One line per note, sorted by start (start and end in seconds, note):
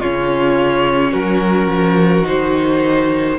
0.00 1.14 C#3
0.00 2.23 C#4
0.00 1.12 F4
0.00 1.13 C#5
1.12 1.67 F#3
1.12 3.38 F#4
1.12 2.26 A#4
1.67 2.24 F3
2.23 3.39 D#3
2.23 3.37 D#4
2.23 3.39 C5